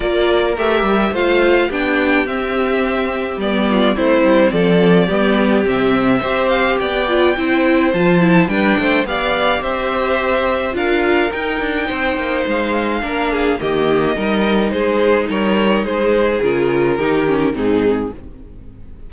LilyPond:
<<
  \new Staff \with { instrumentName = "violin" } { \time 4/4 \tempo 4 = 106 d''4 e''4 f''4 g''4 | e''2 d''4 c''4 | d''2 e''4. f''8 | g''2 a''4 g''4 |
f''4 e''2 f''4 | g''2 f''2 | dis''2 c''4 cis''4 | c''4 ais'2 gis'4 | }
  \new Staff \with { instrumentName = "violin" } { \time 4/4 ais'2 c''4 g'4~ | g'2~ g'8 f'8 e'4 | a'4 g'2 c''4 | d''4 c''2 b'8 c''8 |
d''4 c''2 ais'4~ | ais'4 c''2 ais'8 gis'8 | g'4 ais'4 gis'4 ais'4 | gis'2 g'4 dis'4 | }
  \new Staff \with { instrumentName = "viola" } { \time 4/4 f'4 g'4 f'4 d'4 | c'2 b4 c'4~ | c'4 b4 c'4 g'4~ | g'8 f'8 e'4 f'8 e'8 d'4 |
g'2. f'4 | dis'2. d'4 | ais4 dis'2.~ | dis'4 f'4 dis'8 cis'8 c'4 | }
  \new Staff \with { instrumentName = "cello" } { \time 4/4 ais4 a8 g8 a4 b4 | c'2 g4 a8 g8 | f4 g4 c4 c'4 | b4 c'4 f4 g8 a8 |
b4 c'2 d'4 | dis'8 d'8 c'8 ais8 gis4 ais4 | dis4 g4 gis4 g4 | gis4 cis4 dis4 gis,4 | }
>>